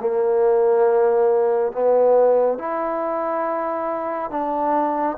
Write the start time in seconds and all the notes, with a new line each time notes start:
0.00 A#3
1.73 B3
2.58 E4
4.30 D4